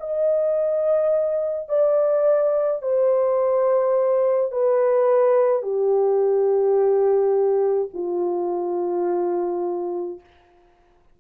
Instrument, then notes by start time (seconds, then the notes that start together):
horn
0.00 D#5
1.69 D5
2.82 C5
4.52 B4
5.63 G4
7.93 F4